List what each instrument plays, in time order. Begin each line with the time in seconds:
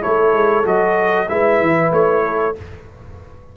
0.00 tuba A3, trombone E4, horn A4, trumpet C#5
0.33 tuba G#3
0.63 tuba F#3, trombone F#4, trumpet D#5
1.28 tuba G#3, trombone E4, horn B4, trumpet E5
1.61 tuba E3
1.91 tuba A3, trumpet C#5
2.24 horn A4